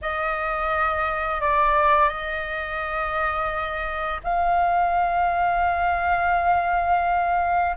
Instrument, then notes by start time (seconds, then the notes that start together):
flute
0.01 D#5
1.41 D5
2.08 D#5
4.23 F5